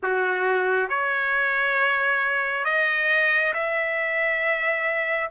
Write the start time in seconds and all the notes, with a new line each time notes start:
0.02 F#4
0.89 C#5
2.65 D#5
3.53 E5